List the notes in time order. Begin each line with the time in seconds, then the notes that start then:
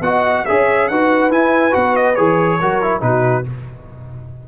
0.00 B3 F#4 D#5 F#5
0.45 C#4 G#4 C#5 E5
0.88 D#4 F#4 B4 F#5
1.30 E4 G#5
1.71 B3 F#4 F#5
1.96 D#5
2.15 E3 G#4 C#5
2.60 F#3 F#4 A#4
2.82 E4
3.00 B2 D#4 F#4 B4